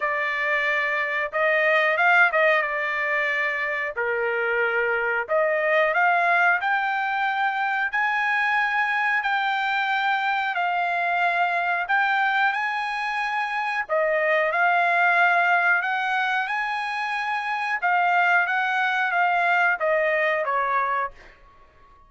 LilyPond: \new Staff \with { instrumentName = "trumpet" } { \time 4/4 \tempo 4 = 91 d''2 dis''4 f''8 dis''8 | d''2 ais'2 | dis''4 f''4 g''2 | gis''2 g''2 |
f''2 g''4 gis''4~ | gis''4 dis''4 f''2 | fis''4 gis''2 f''4 | fis''4 f''4 dis''4 cis''4 | }